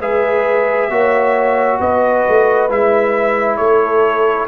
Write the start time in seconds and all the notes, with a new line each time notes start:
0.00 G#3 G#4 B4 E5
0.90 A#3 F#4 C#5
1.79 B3 B4 D#5
2.28 A3
2.69 G#3 E4 E5
3.57 A3 A4 C#5